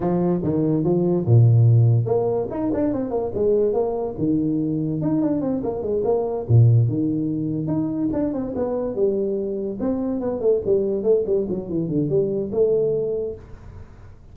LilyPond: \new Staff \with { instrumentName = "tuba" } { \time 4/4 \tempo 4 = 144 f4 dis4 f4 ais,4~ | ais,4 ais4 dis'8 d'8 c'8 ais8 | gis4 ais4 dis2 | dis'8 d'8 c'8 ais8 gis8 ais4 ais,8~ |
ais,8 dis2 dis'4 d'8 | c'8 b4 g2 c'8~ | c'8 b8 a8 g4 a8 g8 fis8 | e8 d8 g4 a2 | }